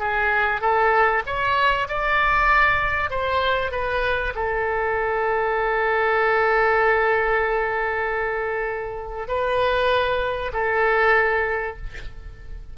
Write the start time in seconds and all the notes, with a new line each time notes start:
0.00 G#4
0.61 A4
1.27 C#5
1.89 D5
3.10 C5
3.72 B4
4.36 A4
9.28 B4
10.54 A4